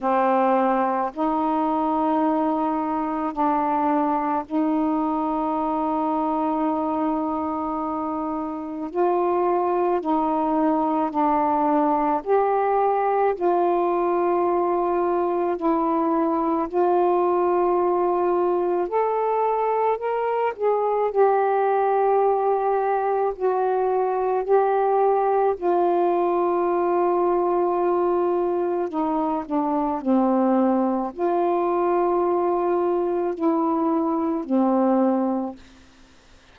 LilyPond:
\new Staff \with { instrumentName = "saxophone" } { \time 4/4 \tempo 4 = 54 c'4 dis'2 d'4 | dis'1 | f'4 dis'4 d'4 g'4 | f'2 e'4 f'4~ |
f'4 a'4 ais'8 gis'8 g'4~ | g'4 fis'4 g'4 f'4~ | f'2 dis'8 d'8 c'4 | f'2 e'4 c'4 | }